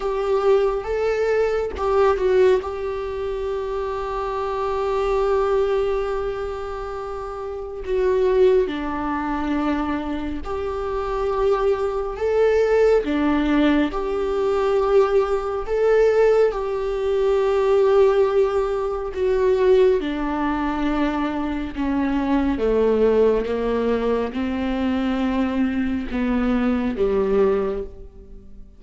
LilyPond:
\new Staff \with { instrumentName = "viola" } { \time 4/4 \tempo 4 = 69 g'4 a'4 g'8 fis'8 g'4~ | g'1~ | g'4 fis'4 d'2 | g'2 a'4 d'4 |
g'2 a'4 g'4~ | g'2 fis'4 d'4~ | d'4 cis'4 a4 ais4 | c'2 b4 g4 | }